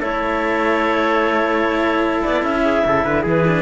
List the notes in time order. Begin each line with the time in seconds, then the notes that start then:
0.00 A3 E4 A4 C#5
2.23 B3 D5
2.42 C#4 E5
2.65 G#4
2.85 C#3 A4
3.04 D3 B4
3.22 E3 G#4
3.29 B4
3.46 D4